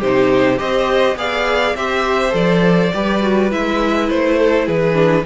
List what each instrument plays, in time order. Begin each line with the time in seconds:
0.00 cello C3, viola D#4, violin G4 C5
0.57 cello C4, viola G4, violin C5 D#5
1.16 cello B3, viola G#4, violin D5 F5
1.75 cello C4, viola G4, violin C5 E5
2.30 cello F3, viola A4, violin D5
2.93 cello G3, viola G4, violin B4
3.21 viola F#4
3.50 cello G#3, viola E4, violin E5
4.09 cello A3, violin C5
4.39 violin A4
4.65 cello E3, violin G#4 B4
4.94 viola D4